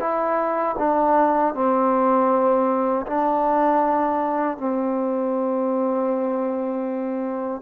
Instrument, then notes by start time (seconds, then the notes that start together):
trombone
0.00 E4
0.79 D4
1.55 C4
3.07 D4
4.58 C4